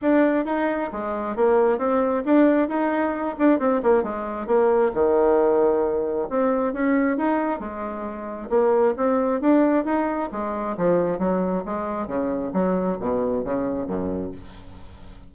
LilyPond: \new Staff \with { instrumentName = "bassoon" } { \time 4/4 \tempo 4 = 134 d'4 dis'4 gis4 ais4 | c'4 d'4 dis'4. d'8 | c'8 ais8 gis4 ais4 dis4~ | dis2 c'4 cis'4 |
dis'4 gis2 ais4 | c'4 d'4 dis'4 gis4 | f4 fis4 gis4 cis4 | fis4 b,4 cis4 fis,4 | }